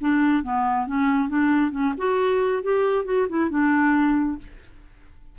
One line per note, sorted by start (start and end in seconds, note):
0.00 0.43 D4
0.43 0.86 B3
0.86 1.29 C#4
1.29 1.71 D4
1.71 1.93 C#4
1.97 2.62 F#4
2.62 3.05 G4
3.05 3.27 F#4
3.28 3.50 E4
3.50 4.38 D4